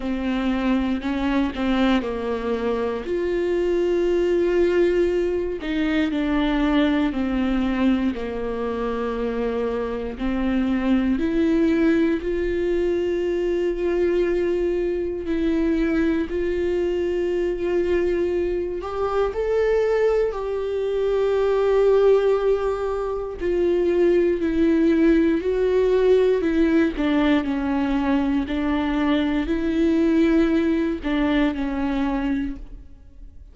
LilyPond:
\new Staff \with { instrumentName = "viola" } { \time 4/4 \tempo 4 = 59 c'4 cis'8 c'8 ais4 f'4~ | f'4. dis'8 d'4 c'4 | ais2 c'4 e'4 | f'2. e'4 |
f'2~ f'8 g'8 a'4 | g'2. f'4 | e'4 fis'4 e'8 d'8 cis'4 | d'4 e'4. d'8 cis'4 | }